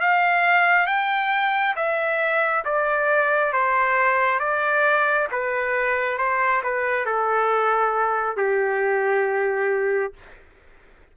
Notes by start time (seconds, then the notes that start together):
0.00 F5
0.86 G5
1.75 E5
2.64 D5
3.52 C5
4.39 D5
5.31 B4
6.18 C5
6.63 B4
7.05 A4
8.36 G4